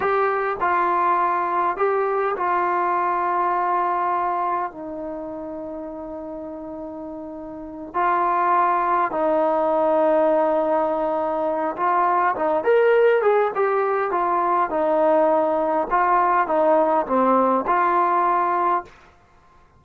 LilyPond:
\new Staff \with { instrumentName = "trombone" } { \time 4/4 \tempo 4 = 102 g'4 f'2 g'4 | f'1 | dis'1~ | dis'4. f'2 dis'8~ |
dis'1 | f'4 dis'8 ais'4 gis'8 g'4 | f'4 dis'2 f'4 | dis'4 c'4 f'2 | }